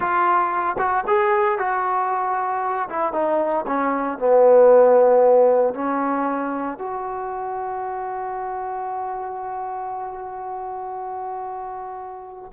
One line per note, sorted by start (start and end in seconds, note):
0.00 0.76 F4
0.78 1.04 F#4
1.07 1.58 G#4
1.58 2.88 F#4
2.89 3.13 E4
3.13 3.65 D#4
3.66 4.18 C#4
4.18 5.74 B3
5.74 6.78 C#4
6.78 12.52 F#4